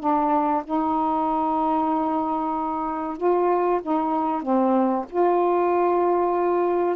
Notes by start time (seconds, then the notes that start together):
0.00 D4
0.65 D#4
3.18 F4
3.82 D#4
4.42 C4
5.10 F4